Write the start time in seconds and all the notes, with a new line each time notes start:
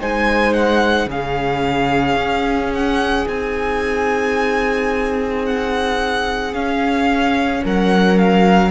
0.00 G#3 D#4 C5 G#5
0.53 F#5
1.06 C#3 C#4 G#4 F5
2.15 C#4
2.73 F#5
3.27 C4 D#4 G#5
5.45 F#5
6.52 C#4 F5
7.63 F#3 A#4 F#5
8.18 F5